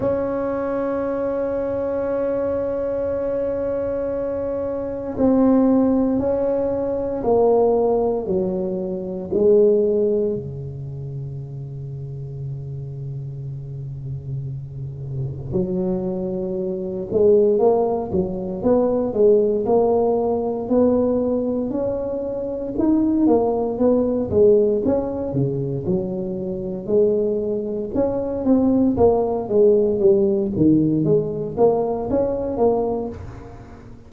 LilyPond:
\new Staff \with { instrumentName = "tuba" } { \time 4/4 \tempo 4 = 58 cis'1~ | cis'4 c'4 cis'4 ais4 | fis4 gis4 cis2~ | cis2. fis4~ |
fis8 gis8 ais8 fis8 b8 gis8 ais4 | b4 cis'4 dis'8 ais8 b8 gis8 | cis'8 cis8 fis4 gis4 cis'8 c'8 | ais8 gis8 g8 dis8 gis8 ais8 cis'8 ais8 | }